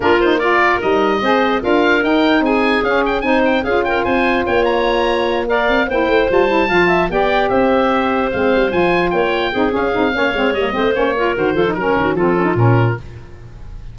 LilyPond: <<
  \new Staff \with { instrumentName = "oboe" } { \time 4/4 \tempo 4 = 148 ais'8 c''8 d''4 dis''2 | f''4 g''4 gis''4 f''8 g''8 | gis''8 g''8 f''8 g''8 gis''4 g''8 ais''8~ | ais''4. f''4 g''4 a''8~ |
a''4. g''4 e''4.~ | e''8 f''4 gis''4 g''4. | f''2 dis''4 cis''4 | c''4 ais'4 a'4 ais'4 | }
  \new Staff \with { instrumentName = "clarinet" } { \time 4/4 f'4 ais'2 c''4 | ais'2 gis'2 | c''4 gis'8 ais'8 c''4 cis''4~ | cis''4. d''4 c''4.~ |
c''8 f''8 e''8 d''4 c''4.~ | c''2~ c''8 cis''4 gis'8~ | gis'4 cis''4. c''4 ais'8~ | ais'8 a'8 ais'8 fis'8 f'2 | }
  \new Staff \with { instrumentName = "saxophone" } { \time 4/4 d'8 dis'8 f'4 dis'4 gis'4 | f'4 dis'2 cis'4 | dis'4 f'2.~ | f'4. ais'4 e'4 f'8 |
e'8 f'4 g'2~ g'8~ | g'8 c'4 f'2 dis'8 | cis'8 dis'8 cis'8 c'8 ais8 c'8 cis'8 f'8 | fis'8 f'16 dis'16 cis'4 c'8 cis'16 dis'16 cis'4 | }
  \new Staff \with { instrumentName = "tuba" } { \time 4/4 ais2 g4 c'4 | d'4 dis'4 c'4 cis'4 | c'4 cis'4 c'4 ais4~ | ais2 c'8 ais8 a8 g8~ |
g8 f4 b4 c'4.~ | c'8 gis8 g8 f4 ais4 c'8 | cis'8 c'8 ais8 gis8 g8 a8 ais4 | dis8 f8 fis8 dis8 f4 ais,4 | }
>>